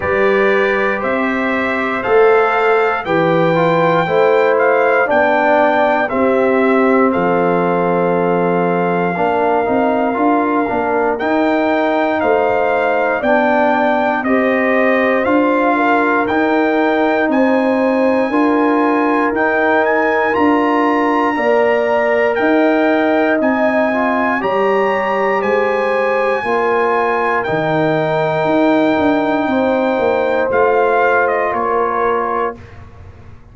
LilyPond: <<
  \new Staff \with { instrumentName = "trumpet" } { \time 4/4 \tempo 4 = 59 d''4 e''4 f''4 g''4~ | g''8 f''8 g''4 e''4 f''4~ | f''2. g''4 | f''4 g''4 dis''4 f''4 |
g''4 gis''2 g''8 gis''8 | ais''2 g''4 gis''4 | ais''4 gis''2 g''4~ | g''2 f''8. dis''16 cis''4 | }
  \new Staff \with { instrumentName = "horn" } { \time 4/4 b'4 c''2 b'4 | c''4 d''4 g'4 a'4~ | a'4 ais'2. | c''4 d''4 c''4. ais'8~ |
ais'4 c''4 ais'2~ | ais'4 d''4 dis''2 | cis''4 c''4 ais'2~ | ais'4 c''2 ais'4 | }
  \new Staff \with { instrumentName = "trombone" } { \time 4/4 g'2 a'4 g'8 f'8 | e'4 d'4 c'2~ | c'4 d'8 dis'8 f'8 d'8 dis'4~ | dis'4 d'4 g'4 f'4 |
dis'2 f'4 dis'4 | f'4 ais'2 dis'8 f'8 | g'2 f'4 dis'4~ | dis'2 f'2 | }
  \new Staff \with { instrumentName = "tuba" } { \time 4/4 g4 c'4 a4 e4 | a4 b4 c'4 f4~ | f4 ais8 c'8 d'8 ais8 dis'4 | a4 b4 c'4 d'4 |
dis'4 c'4 d'4 dis'4 | d'4 ais4 dis'4 c'4 | g4 gis4 ais4 dis4 | dis'8 d'8 c'8 ais8 a4 ais4 | }
>>